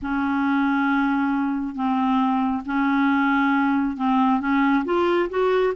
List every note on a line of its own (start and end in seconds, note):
0.02 1.74 C#4
1.74 2.63 C4
2.65 3.97 C#4
3.97 4.40 C4
4.40 4.84 C#4
4.84 5.29 F4
5.29 5.73 F#4